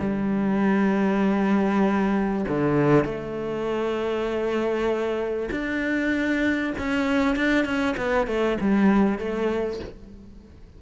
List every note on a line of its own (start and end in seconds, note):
0.00 2.45 G3
2.48 3.05 D3
3.05 5.50 A3
5.51 6.73 D4
6.78 7.36 C#4
7.36 7.65 D4
7.65 7.96 C#4
7.97 8.27 B3
8.27 8.58 A3
8.60 9.19 G3
9.19 9.80 A3